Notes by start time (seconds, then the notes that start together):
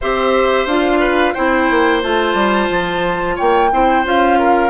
0.01 C4 G4 C5 E5
0.65 D4 F4 F5
0.99 B4
1.33 C4 E4 C5 G5
1.70 A#3
2.02 A3 F4 A5
2.34 G3
2.70 F3
3.35 A#3 C#5 G5
3.72 C4 E4 C5
4.04 C#4 F4 F5
4.38 A#4